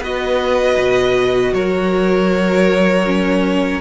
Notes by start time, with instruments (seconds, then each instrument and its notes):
0.00 cello B3, viola F#4, violin B4 D#5
0.78 cello B2
1.53 cello F#3, violin A#4 C#5
3.06 viola C#4